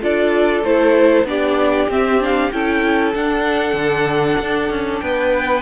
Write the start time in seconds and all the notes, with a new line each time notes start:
0.00 D4 F4 A4 D5
0.63 A3 E4 C5
1.23 B3 D4 G4 D5
1.88 C4 E5
2.19 D4 F5
2.51 C#4 E4 A4 G5
3.14 D4 F#5
3.73 D3
4.39 D4
4.70 C#4
4.99 B3 B4 G5